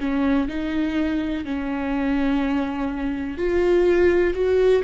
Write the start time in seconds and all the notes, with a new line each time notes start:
0.00 C#4
0.48 D#4
1.45 C#4
3.38 F4
4.35 F#4